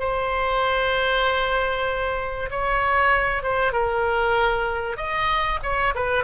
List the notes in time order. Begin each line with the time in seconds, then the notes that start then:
0.00 C5
2.51 C#5
3.43 C5
3.73 A#4
4.97 D#5
5.63 C#5
5.95 B4